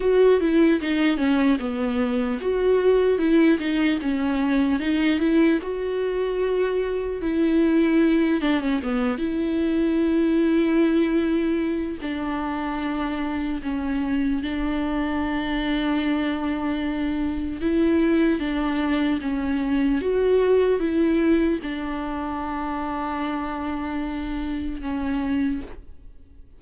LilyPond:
\new Staff \with { instrumentName = "viola" } { \time 4/4 \tempo 4 = 75 fis'8 e'8 dis'8 cis'8 b4 fis'4 | e'8 dis'8 cis'4 dis'8 e'8 fis'4~ | fis'4 e'4. d'16 cis'16 b8 e'8~ | e'2. d'4~ |
d'4 cis'4 d'2~ | d'2 e'4 d'4 | cis'4 fis'4 e'4 d'4~ | d'2. cis'4 | }